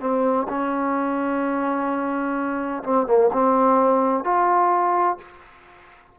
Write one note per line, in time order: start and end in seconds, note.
0.00 0.47 C4
0.49 2.83 C#4
2.83 3.06 C4
3.06 3.30 A#3
3.32 4.24 C4
4.24 5.18 F4